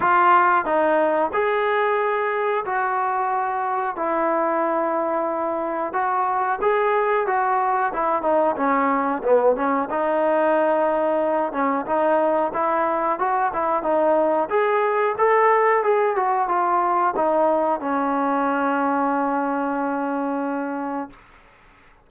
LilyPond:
\new Staff \with { instrumentName = "trombone" } { \time 4/4 \tempo 4 = 91 f'4 dis'4 gis'2 | fis'2 e'2~ | e'4 fis'4 gis'4 fis'4 | e'8 dis'8 cis'4 b8 cis'8 dis'4~ |
dis'4. cis'8 dis'4 e'4 | fis'8 e'8 dis'4 gis'4 a'4 | gis'8 fis'8 f'4 dis'4 cis'4~ | cis'1 | }